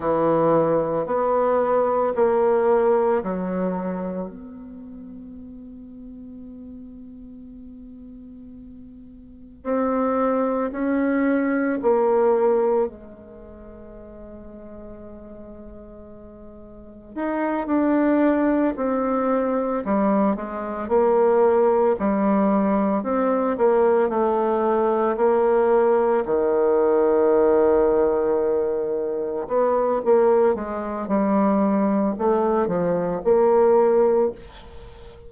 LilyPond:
\new Staff \with { instrumentName = "bassoon" } { \time 4/4 \tempo 4 = 56 e4 b4 ais4 fis4 | b1~ | b4 c'4 cis'4 ais4 | gis1 |
dis'8 d'4 c'4 g8 gis8 ais8~ | ais8 g4 c'8 ais8 a4 ais8~ | ais8 dis2. b8 | ais8 gis8 g4 a8 f8 ais4 | }